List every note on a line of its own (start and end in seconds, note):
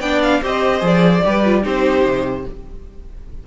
0.00 0.41 B3
0.00 0.42 D4
0.00 0.41 D5
0.00 0.21 G5
0.22 0.42 F5
0.42 0.81 C4
0.42 0.80 G4
0.42 1.23 C5
0.42 0.86 D#5
0.80 1.22 F3
0.80 1.20 G#4
0.86 1.65 D5
1.23 1.65 G3
1.23 1.43 G4
1.23 1.63 B4
1.45 1.62 F4
1.62 2.04 C4
1.62 2.43 D#4
1.62 2.44 G4
1.62 2.46 C5
2.04 2.45 C3